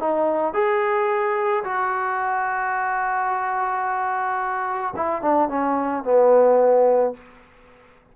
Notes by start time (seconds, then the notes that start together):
0.00 D#4
0.54 G#4
1.64 F#4
4.96 E4
5.22 D4
5.49 C#4
6.04 B3